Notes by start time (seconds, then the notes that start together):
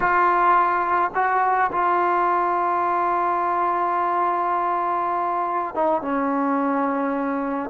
0.00 F4
1.14 F#4
1.72 F4
5.74 D#4
6.01 C#4